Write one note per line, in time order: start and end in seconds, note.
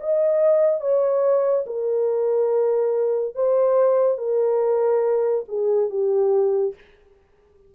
0.00 0.80 D#5
0.80 1.65 C#5
1.66 3.35 A#4
3.35 4.18 C5
4.18 5.44 A#4
5.48 5.90 G#4
5.90 6.74 G4